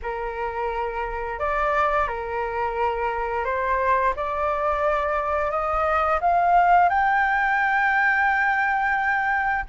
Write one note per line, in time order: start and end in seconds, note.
0.02 1.39 A#4
1.39 2.07 D5
2.07 3.45 A#4
3.45 4.13 C5
4.16 5.50 D5
5.50 6.19 D#5
6.20 6.89 F5
6.89 9.65 G5